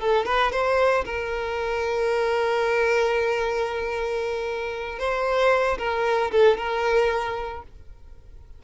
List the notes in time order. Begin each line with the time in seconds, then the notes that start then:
0.00 A4
0.26 B4
0.52 C5
1.05 A#4
4.99 C5
5.78 A#4
6.32 A4
6.57 A#4